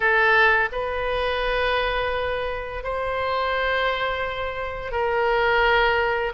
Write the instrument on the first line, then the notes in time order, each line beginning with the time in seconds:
oboe
0.00 A4
0.72 B4
2.83 C5
4.91 A#4